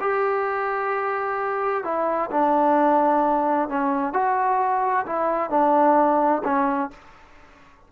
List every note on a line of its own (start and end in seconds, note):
0.00 1.84 G4
1.84 2.30 E4
2.31 3.68 D4
3.68 4.13 C#4
4.13 5.05 F#4
5.06 5.50 E4
5.50 6.42 D4
6.44 6.90 C#4